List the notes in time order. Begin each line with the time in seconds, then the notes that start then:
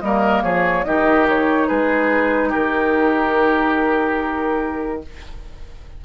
0.00 G3 A#3 A#4 D#5
0.42 F3 G#4 C#5
0.84 D#3 D#4 G4 D#5
1.28 C#5
1.67 G#3 G#4 B4
2.49 D#3 G4 A#4